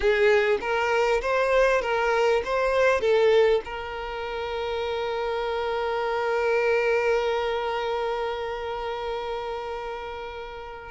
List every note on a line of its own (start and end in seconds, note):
0.00 0.58 G#4
0.60 1.21 A#4
1.21 1.81 C5
1.81 2.42 A#4
2.44 3.00 C5
3.00 3.61 A4
3.64 10.91 A#4